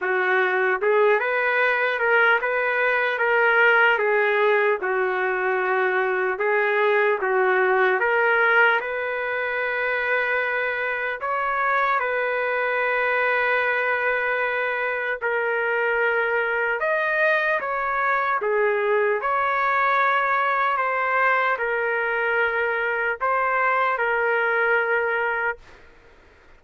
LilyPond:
\new Staff \with { instrumentName = "trumpet" } { \time 4/4 \tempo 4 = 75 fis'4 gis'8 b'4 ais'8 b'4 | ais'4 gis'4 fis'2 | gis'4 fis'4 ais'4 b'4~ | b'2 cis''4 b'4~ |
b'2. ais'4~ | ais'4 dis''4 cis''4 gis'4 | cis''2 c''4 ais'4~ | ais'4 c''4 ais'2 | }